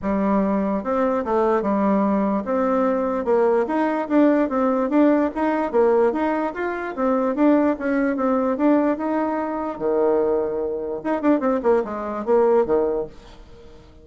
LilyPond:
\new Staff \with { instrumentName = "bassoon" } { \time 4/4 \tempo 4 = 147 g2 c'4 a4 | g2 c'2 | ais4 dis'4 d'4 c'4 | d'4 dis'4 ais4 dis'4 |
f'4 c'4 d'4 cis'4 | c'4 d'4 dis'2 | dis2. dis'8 d'8 | c'8 ais8 gis4 ais4 dis4 | }